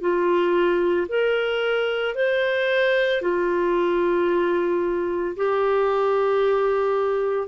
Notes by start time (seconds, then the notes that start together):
0.00 F4
1.08 A#4
2.15 C5
3.21 F4
5.36 G4